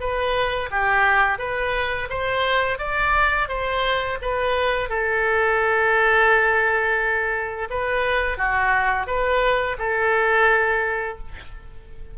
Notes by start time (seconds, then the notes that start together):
0.00 B4
0.71 G4
1.38 B4
2.10 C5
2.78 D5
3.48 C5
4.21 B4
4.89 A4
7.70 B4
8.38 F#4
9.07 B4
9.79 A4